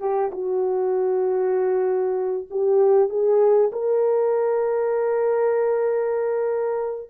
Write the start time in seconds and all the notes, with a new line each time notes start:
0.00 G4
0.32 F#4
2.50 G4
3.10 G#4
3.73 A#4